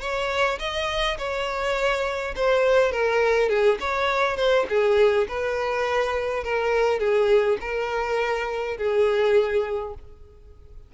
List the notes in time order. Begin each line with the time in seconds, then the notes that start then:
0.00 C#5
0.59 D#5
1.18 C#5
2.36 C5
2.92 A#4
3.49 G#4
3.80 C#5
4.36 C5
4.69 G#4
5.28 B4
6.44 A#4
6.99 G#4
7.61 A#4
8.77 G#4